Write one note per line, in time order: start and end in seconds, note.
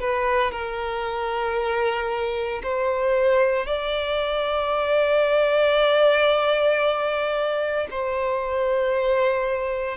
0.00 0.51 B4
0.51 2.62 A#4
2.63 3.66 C5
3.66 7.87 D5
7.90 9.97 C5